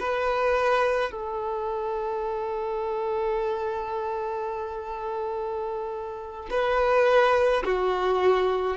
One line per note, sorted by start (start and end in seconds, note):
0.00 1.12 B4
1.12 6.49 A4
6.50 7.64 B4
7.65 8.77 F#4